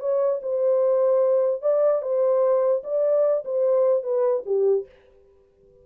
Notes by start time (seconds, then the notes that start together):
0.00 C#5
0.42 C5
1.62 D5
2.02 C5
2.83 D5
3.44 C5
4.03 B4
4.45 G4